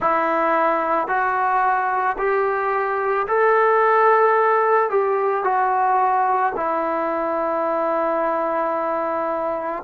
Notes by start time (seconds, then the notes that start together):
0.00 E4
1.07 F#4
2.18 G4
3.27 A4
4.90 G4
5.43 F#4
6.56 E4